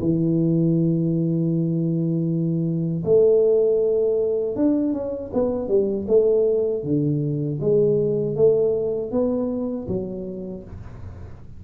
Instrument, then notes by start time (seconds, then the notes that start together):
tuba
0.00 E3
3.05 A3
4.56 D4
4.93 C#4
5.33 B3
5.68 G3
6.08 A3
6.84 D3
7.61 G#3
8.36 A3
9.12 B3
9.88 F#3